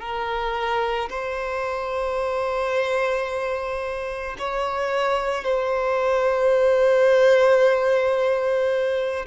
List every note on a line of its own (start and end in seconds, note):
0.00 1.09 A#4
1.10 4.37 C5
4.38 5.44 C#5
5.44 9.26 C5